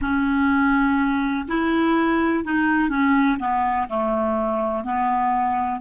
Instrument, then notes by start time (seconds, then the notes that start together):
clarinet
0.00 C#4
1.47 E4
2.44 D#4
2.89 C#4
3.39 B3
3.89 A3
4.83 B3